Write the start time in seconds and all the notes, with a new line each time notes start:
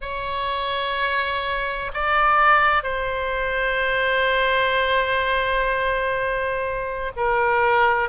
0.01 C#5
1.93 D5
2.83 C5
7.16 A#4